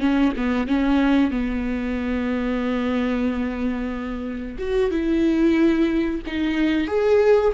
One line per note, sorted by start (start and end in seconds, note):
0.00 0.33 C#4
0.36 0.67 B3
0.67 1.30 C#4
1.30 4.57 B3
4.58 4.90 F#4
4.90 6.20 E4
6.26 6.87 D#4
6.87 7.52 G#4